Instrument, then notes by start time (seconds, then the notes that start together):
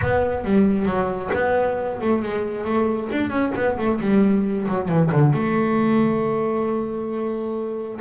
double bass
0.01 B3
0.44 G3
0.85 F#3
1.33 B3
2.01 A3
2.22 G#3
2.64 A3
3.12 D4
3.29 C#4
3.55 B3
3.78 A3
4.00 G3
4.68 F#3
4.88 E3
5.11 D3
5.33 A3